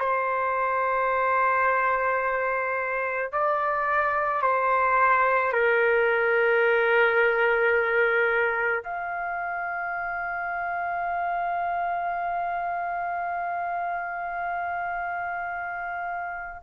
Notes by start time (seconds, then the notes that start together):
0.00 C5
3.32 D5
4.42 C5
5.53 A#4
8.84 F5